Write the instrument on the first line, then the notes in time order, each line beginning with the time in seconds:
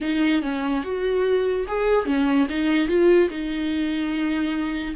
viola
0.00 D#4
0.42 C#4
0.83 F#4
1.67 G#4
2.05 C#4
2.49 D#4
2.88 F4
3.29 D#4